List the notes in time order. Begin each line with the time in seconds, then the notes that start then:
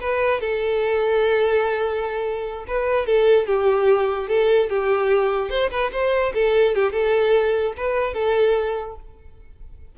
0.00 B4
0.40 A4
2.67 B4
3.06 A4
3.46 G4
4.28 A4
4.69 G4
5.49 C5
5.70 B4
5.92 C5
6.34 A4
6.75 G4
6.92 A4
7.77 B4
8.14 A4